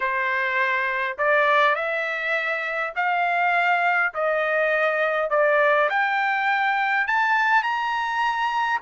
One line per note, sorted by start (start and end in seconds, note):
0.00 1.17 C5
1.18 1.75 D5
1.75 2.93 E5
2.95 4.13 F5
4.14 5.30 D#5
5.30 5.89 D5
5.89 7.07 G5
7.07 7.62 A5
7.62 8.80 A#5